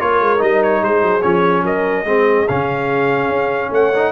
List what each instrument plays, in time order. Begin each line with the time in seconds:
0.00 tuba A#3, trombone F4, horn A#4, trumpet C#5
0.21 tuba G#3
0.39 tuba G3, trombone D#4, trumpet D#5
0.64 trumpet C#5
0.82 tuba G#3, horn G#4, trumpet C5
1.03 tuba F#3
1.22 tuba F3, trombone C#4, trumpet C#5
1.64 tuba F#3, horn A#4, trumpet D#5
2.05 tuba G#3, trombone C4, horn G#4
2.48 tuba C#3, trombone C#4, trumpet F5
3.29 tuba C#4
3.71 tuba A3, horn C#5, trumpet F#5
3.95 trombone D#4